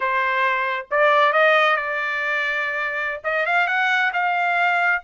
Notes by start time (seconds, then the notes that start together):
0.00 C5
0.91 D5
1.32 D#5
1.76 D5
3.23 D#5
3.46 F5
3.67 F#5
4.13 F5